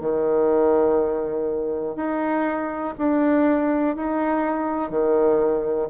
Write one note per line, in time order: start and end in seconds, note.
0.00 1.96 D#3
1.96 2.94 D#4
2.98 3.96 D4
3.96 4.90 D#4
4.90 5.88 D#3